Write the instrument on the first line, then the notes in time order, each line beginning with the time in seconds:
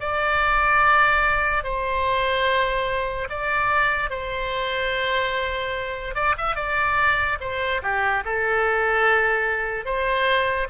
oboe
0.00 D5
1.63 C5
3.30 D5
4.10 C5
6.15 D5
6.38 E5
6.56 D5
7.40 C5
7.82 G4
8.25 A4
9.85 C5